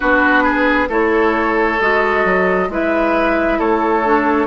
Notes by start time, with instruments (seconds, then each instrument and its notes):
0.00 bassoon B3, clarinet D4, oboe F#4, flute B4
0.43 oboe G#4
0.89 bassoon A3, clarinet E4, oboe A4, flute C#5
1.80 bassoon G#3, clarinet F#4, flute D#5
2.24 bassoon F#3
2.69 bassoon G#3, clarinet E4, oboe B4, flute E5
3.59 bassoon A3, oboe A4, flute C#5
4.04 clarinet D4